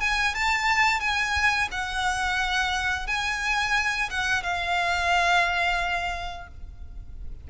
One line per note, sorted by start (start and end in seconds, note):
0.00 0.34 G#5
0.34 1.00 A5
1.00 1.68 G#5
1.71 3.07 F#5
3.07 4.09 G#5
4.10 4.43 F#5
4.43 6.47 F5